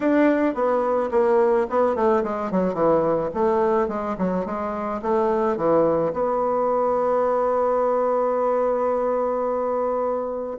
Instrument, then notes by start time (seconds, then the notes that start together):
bassoon
0.00 D4
0.54 B3
1.11 A#3
1.69 B3
1.95 A3
2.23 G#3
2.51 F#3
2.73 E3
3.33 A3
3.88 G#3
4.18 F#3
4.45 G#3
5.02 A3
5.57 E3
6.13 B3